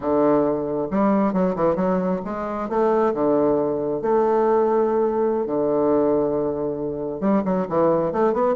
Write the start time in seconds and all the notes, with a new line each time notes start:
0.00 D3
0.91 G3
1.33 F#3
1.55 E3
1.75 F#3
2.24 G#3
2.69 A3
3.14 D3
4.01 A3
5.46 D3
7.20 G3
7.44 F#3
7.68 E3
8.12 A3
8.33 B3